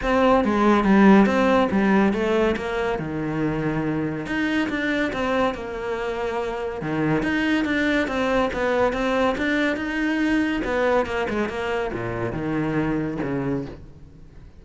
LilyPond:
\new Staff \with { instrumentName = "cello" } { \time 4/4 \tempo 4 = 141 c'4 gis4 g4 c'4 | g4 a4 ais4 dis4~ | dis2 dis'4 d'4 | c'4 ais2. |
dis4 dis'4 d'4 c'4 | b4 c'4 d'4 dis'4~ | dis'4 b4 ais8 gis8 ais4 | ais,4 dis2 cis4 | }